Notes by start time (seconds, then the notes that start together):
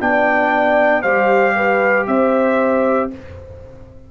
0.00 B3 D4 D5 G5
1.02 G3 G4 C5 F5
1.56 B4
2.07 C4 C5 E5